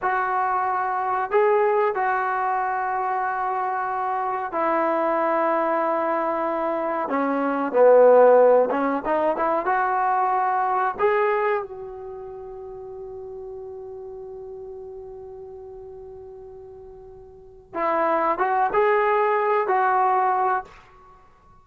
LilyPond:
\new Staff \with { instrumentName = "trombone" } { \time 4/4 \tempo 4 = 93 fis'2 gis'4 fis'4~ | fis'2. e'4~ | e'2. cis'4 | b4. cis'8 dis'8 e'8 fis'4~ |
fis'4 gis'4 fis'2~ | fis'1~ | fis'2.~ fis'8 e'8~ | e'8 fis'8 gis'4. fis'4. | }